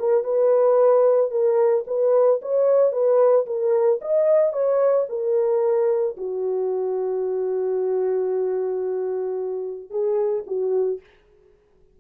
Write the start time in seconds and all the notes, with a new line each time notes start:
0.00 A#4
0.24 B4
1.31 A#4
1.88 B4
2.42 C#5
2.93 B4
3.47 A#4
4.02 D#5
4.53 C#5
5.10 A#4
6.18 F#4
9.91 G#4
10.47 F#4